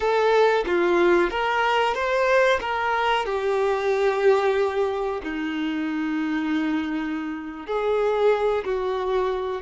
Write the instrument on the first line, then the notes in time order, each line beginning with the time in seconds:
violin
0.00 A4
0.66 F4
1.30 A#4
1.94 C5
2.61 A#4
3.25 G4
5.23 D#4
7.66 G#4
8.64 F#4